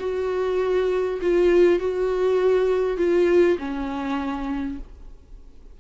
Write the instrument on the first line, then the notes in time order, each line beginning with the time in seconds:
viola
0.00 F#4
1.22 F4
1.80 F#4
2.98 F4
3.59 C#4